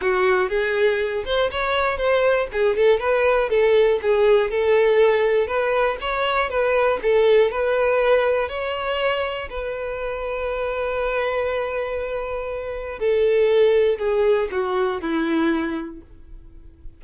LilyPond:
\new Staff \with { instrumentName = "violin" } { \time 4/4 \tempo 4 = 120 fis'4 gis'4. c''8 cis''4 | c''4 gis'8 a'8 b'4 a'4 | gis'4 a'2 b'4 | cis''4 b'4 a'4 b'4~ |
b'4 cis''2 b'4~ | b'1~ | b'2 a'2 | gis'4 fis'4 e'2 | }